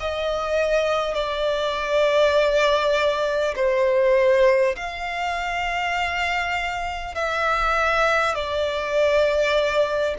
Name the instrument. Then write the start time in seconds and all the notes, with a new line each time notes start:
violin
0.00 D#5
1.14 D5
3.56 C5
4.76 F5
7.15 E5
8.35 D5